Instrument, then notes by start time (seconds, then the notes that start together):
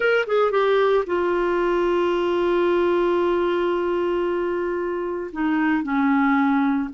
clarinet
0.00 A#4
0.26 G#4
0.51 G4
1.06 F4
5.32 D#4
5.83 C#4